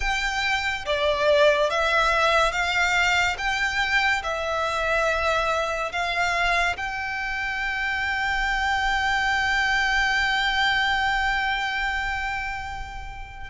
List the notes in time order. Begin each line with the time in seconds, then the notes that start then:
0.00 G5
0.85 D5
1.69 E5
2.51 F5
3.38 G5
4.23 E5
5.92 F5
6.76 G5